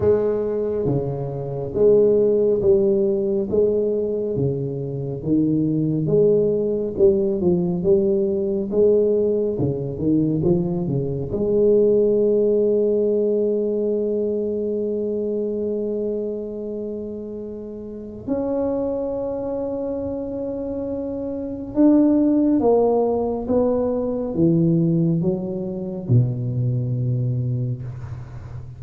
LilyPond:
\new Staff \with { instrumentName = "tuba" } { \time 4/4 \tempo 4 = 69 gis4 cis4 gis4 g4 | gis4 cis4 dis4 gis4 | g8 f8 g4 gis4 cis8 dis8 | f8 cis8 gis2.~ |
gis1~ | gis4 cis'2.~ | cis'4 d'4 ais4 b4 | e4 fis4 b,2 | }